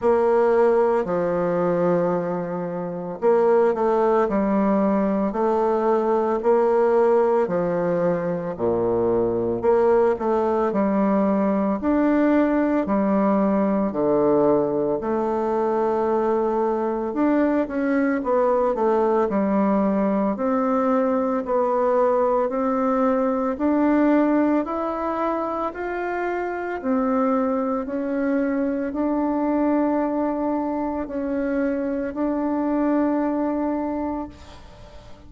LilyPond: \new Staff \with { instrumentName = "bassoon" } { \time 4/4 \tempo 4 = 56 ais4 f2 ais8 a8 | g4 a4 ais4 f4 | ais,4 ais8 a8 g4 d'4 | g4 d4 a2 |
d'8 cis'8 b8 a8 g4 c'4 | b4 c'4 d'4 e'4 | f'4 c'4 cis'4 d'4~ | d'4 cis'4 d'2 | }